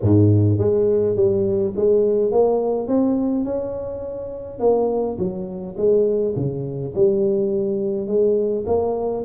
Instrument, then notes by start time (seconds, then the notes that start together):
tuba
0.01 G#2
0.58 G#3
1.16 G3
1.76 G#3
2.31 A#3
2.87 C4
3.45 C#4
4.59 A#3
5.18 F#3
5.77 G#3
6.36 C#3
6.95 G3
8.07 G#3
8.66 A#3